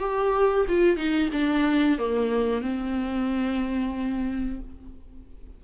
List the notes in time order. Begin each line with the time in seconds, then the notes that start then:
0.00 G4
0.69 F4
0.97 D#4
1.33 D4
1.99 A#3
2.62 C4